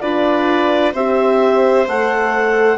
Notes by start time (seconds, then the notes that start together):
0.00 D4 F4 B4 D5
0.93 C4 G4 C5 E5
1.87 A3 A4 F#5